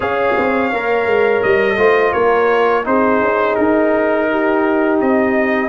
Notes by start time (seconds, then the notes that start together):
0.00 C#4 G#4 C#5 F5
0.37 C4
0.72 A#3 A#4
1.06 G#3
1.42 G3 D#5
1.77 A3 F4 C5
2.12 A#3 A#4 C#5
2.84 C4 D#4 G#4 C5
3.20 C#4
3.55 D#4 A#4
4.30 G4
5.00 C4 D#5